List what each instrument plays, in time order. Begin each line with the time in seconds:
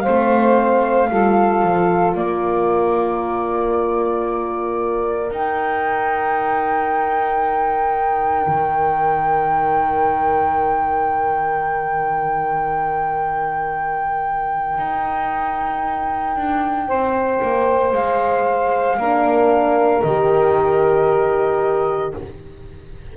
0.00 horn C4, saxophone C5, flute F5
0.08 double bass A3
1.10 double bass G3, horn F4, saxophone A4
1.63 double bass F3
2.15 double bass A#3, saxophone A#4, flute D5
5.30 double bass D#4, horn D#4, flute G5
8.47 double bass D#3
14.78 double bass D#4
16.36 double bass D4
16.87 double bass C4, saxophone C5
17.42 double bass A#3
17.93 double bass G#3, flute F5
18.96 double bass A#3, horn D4, saxophone A#4
20.02 double bass D#3, horn G4, flute D#5